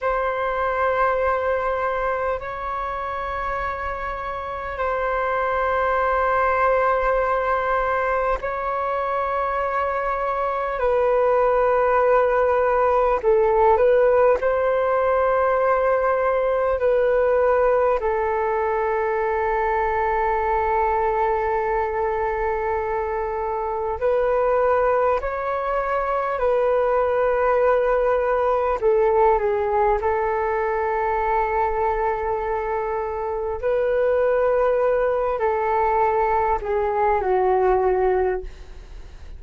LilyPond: \new Staff \with { instrumentName = "flute" } { \time 4/4 \tempo 4 = 50 c''2 cis''2 | c''2. cis''4~ | cis''4 b'2 a'8 b'8 | c''2 b'4 a'4~ |
a'1 | b'4 cis''4 b'2 | a'8 gis'8 a'2. | b'4. a'4 gis'8 fis'4 | }